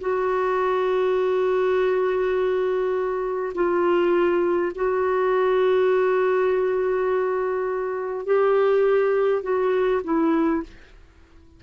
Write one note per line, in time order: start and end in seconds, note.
0.00 3.53 F#4
3.54 4.72 F4
4.75 8.26 F#4
8.26 9.42 G4
9.42 10.01 F#4
10.04 10.63 E4